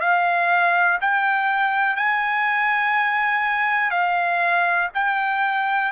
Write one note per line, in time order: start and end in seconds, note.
0.00 0.98 F5
1.01 1.96 G5
1.96 3.91 G#5
3.91 4.89 F5
4.94 5.92 G5